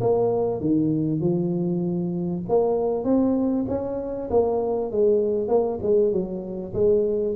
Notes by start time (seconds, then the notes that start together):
0.00 A#3
0.60 D#3
1.20 F3
2.48 A#3
3.04 C4
3.68 C#4
4.30 A#3
4.91 G#3
5.48 A#3
5.82 G#3
6.12 F#3
6.73 G#3